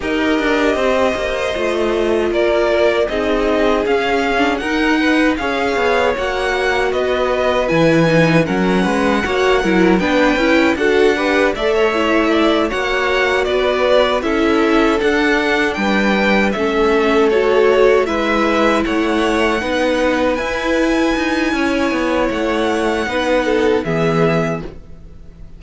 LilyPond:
<<
  \new Staff \with { instrumentName = "violin" } { \time 4/4 \tempo 4 = 78 dis''2. d''4 | dis''4 f''4 fis''4 f''4 | fis''4 dis''4 gis''4 fis''4~ | fis''4 g''4 fis''4 e''4~ |
e''8 fis''4 d''4 e''4 fis''8~ | fis''8 g''4 e''4 cis''4 e''8~ | e''8 fis''2 gis''4.~ | gis''4 fis''2 e''4 | }
  \new Staff \with { instrumentName = "violin" } { \time 4/4 ais'4 c''2 ais'4 | gis'2 ais'8 b'8 cis''4~ | cis''4 b'2 ais'8 b'8 | cis''8 ais'8 b'4 a'8 b'8 d''16 cis''8. |
d''8 cis''4 b'4 a'4.~ | a'8 b'4 a'2 b'8~ | b'8 cis''4 b'2~ b'8 | cis''2 b'8 a'8 gis'4 | }
  \new Staff \with { instrumentName = "viola" } { \time 4/4 g'2 f'2 | dis'4 cis'8. d'16 dis'4 gis'4 | fis'2 e'8 dis'8 cis'4 | fis'8 e'8 d'8 e'8 fis'8 g'8 a'8 e'8~ |
e'8 fis'2 e'4 d'8~ | d'4. cis'4 fis'4 e'8~ | e'4. dis'4 e'4.~ | e'2 dis'4 b4 | }
  \new Staff \with { instrumentName = "cello" } { \time 4/4 dis'8 d'8 c'8 ais8 a4 ais4 | c'4 cis'4 dis'4 cis'8 b8 | ais4 b4 e4 fis8 gis8 | ais8 fis8 b8 cis'8 d'4 a4~ |
a8 ais4 b4 cis'4 d'8~ | d'8 g4 a2 gis8~ | gis8 a4 b4 e'4 dis'8 | cis'8 b8 a4 b4 e4 | }
>>